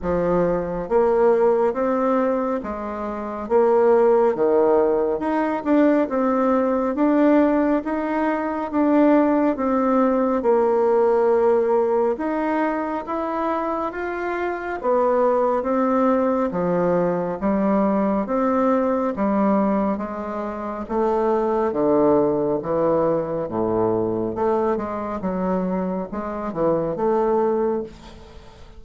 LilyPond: \new Staff \with { instrumentName = "bassoon" } { \time 4/4 \tempo 4 = 69 f4 ais4 c'4 gis4 | ais4 dis4 dis'8 d'8 c'4 | d'4 dis'4 d'4 c'4 | ais2 dis'4 e'4 |
f'4 b4 c'4 f4 | g4 c'4 g4 gis4 | a4 d4 e4 a,4 | a8 gis8 fis4 gis8 e8 a4 | }